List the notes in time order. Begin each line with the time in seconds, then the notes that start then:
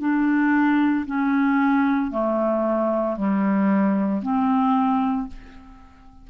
0.00 D4
1.06 C#4
2.11 A3
3.16 G3
4.22 C4